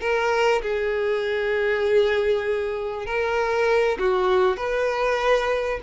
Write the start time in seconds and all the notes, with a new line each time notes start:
0.00 A#4
0.62 G#4
3.06 A#4
3.99 F#4
4.57 B4